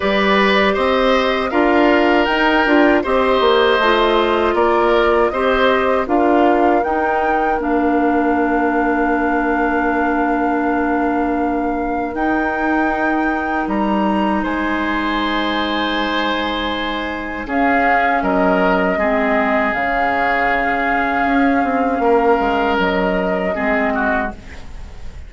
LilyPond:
<<
  \new Staff \with { instrumentName = "flute" } { \time 4/4 \tempo 4 = 79 d''4 dis''4 f''4 g''4 | dis''2 d''4 dis''4 | f''4 g''4 f''2~ | f''1 |
g''2 ais''4 gis''4~ | gis''2. f''4 | dis''2 f''2~ | f''2 dis''2 | }
  \new Staff \with { instrumentName = "oboe" } { \time 4/4 b'4 c''4 ais'2 | c''2 ais'4 c''4 | ais'1~ | ais'1~ |
ais'2. c''4~ | c''2. gis'4 | ais'4 gis'2.~ | gis'4 ais'2 gis'8 fis'8 | }
  \new Staff \with { instrumentName = "clarinet" } { \time 4/4 g'2 f'4 dis'8 f'8 | g'4 f'2 g'4 | f'4 dis'4 d'2~ | d'1 |
dis'1~ | dis'2. cis'4~ | cis'4 c'4 cis'2~ | cis'2. c'4 | }
  \new Staff \with { instrumentName = "bassoon" } { \time 4/4 g4 c'4 d'4 dis'8 d'8 | c'8 ais8 a4 ais4 c'4 | d'4 dis'4 ais2~ | ais1 |
dis'2 g4 gis4~ | gis2. cis'4 | fis4 gis4 cis2 | cis'8 c'8 ais8 gis8 fis4 gis4 | }
>>